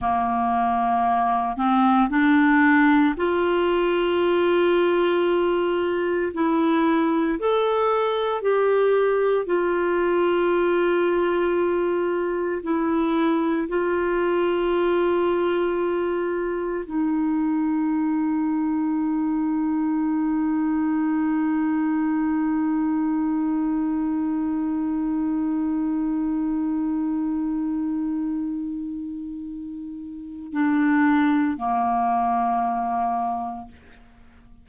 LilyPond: \new Staff \with { instrumentName = "clarinet" } { \time 4/4 \tempo 4 = 57 ais4. c'8 d'4 f'4~ | f'2 e'4 a'4 | g'4 f'2. | e'4 f'2. |
dis'1~ | dis'1~ | dis'1~ | dis'4 d'4 ais2 | }